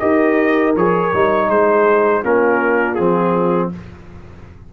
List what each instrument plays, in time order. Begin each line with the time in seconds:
0.00 tuba D#4, trombone G4, horn A#4, trumpet D#5
0.76 tuba F3, trombone G#4, trumpet C#5
1.13 tuba G3, trombone D#4
1.49 tuba G#3, horn G#4, trumpet C5
2.22 tuba A#3, trombone C#4, horn F4, trumpet A#4
2.95 tuba F3, trombone C4, trumpet G#4